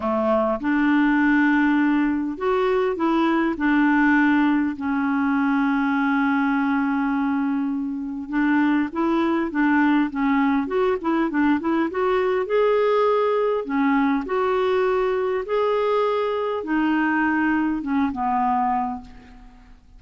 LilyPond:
\new Staff \with { instrumentName = "clarinet" } { \time 4/4 \tempo 4 = 101 a4 d'2. | fis'4 e'4 d'2 | cis'1~ | cis'2 d'4 e'4 |
d'4 cis'4 fis'8 e'8 d'8 e'8 | fis'4 gis'2 cis'4 | fis'2 gis'2 | dis'2 cis'8 b4. | }